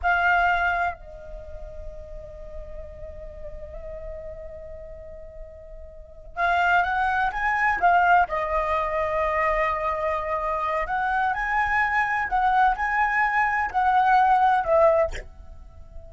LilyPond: \new Staff \with { instrumentName = "flute" } { \time 4/4 \tempo 4 = 127 f''2 dis''2~ | dis''1~ | dis''1~ | dis''4. f''4 fis''4 gis''8~ |
gis''8 f''4 dis''2~ dis''8~ | dis''2. fis''4 | gis''2 fis''4 gis''4~ | gis''4 fis''2 e''4 | }